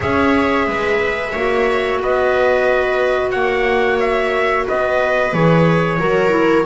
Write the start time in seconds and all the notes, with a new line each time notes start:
0.00 C#4 G#4 C#5 E5
0.66 G#3 B4
1.32 A#3 F#4 C#5
2.01 B3 B4 D#5
3.30 A#3 C#5 F#5
3.99 E5
4.65 B3 B4 D#5
5.33 E3 G#4 C#5
5.99 F#3 F#4 A#4
6.29 E4